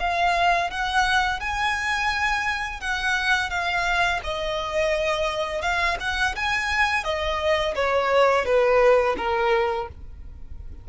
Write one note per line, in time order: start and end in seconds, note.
0.00 0.71 F5
0.71 1.41 F#5
1.41 2.81 G#5
2.81 3.50 F#5
3.50 4.21 F5
4.24 5.62 D#5
5.62 5.97 F5
6.00 6.36 F#5
6.36 7.04 G#5
7.04 7.75 D#5
7.76 8.45 C#5
8.45 9.16 B4
9.18 9.88 A#4